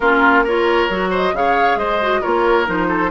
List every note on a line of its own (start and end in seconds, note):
0.00 0.89 A#3
0.00 0.46 C#4
0.00 0.44 F4
0.00 0.44 A#4
0.44 0.90 F4
0.44 1.10 A#4
0.44 1.13 C#5
0.89 1.33 F#3
0.89 1.33 F#4
1.10 1.32 C5
1.10 1.35 D#5
1.33 1.75 C#3
1.33 2.00 G#4
1.33 1.78 C#5
1.33 1.78 F5
1.75 2.20 G#3
1.75 2.20 C5
1.75 2.22 D#5
2.01 2.22 F#4
2.20 2.68 A#3
2.20 2.65 F4
2.20 2.87 A#4
2.20 2.67 C#5
2.65 3.10 F3
2.65 3.10 D#4
2.65 3.10 C5
2.88 3.10 A4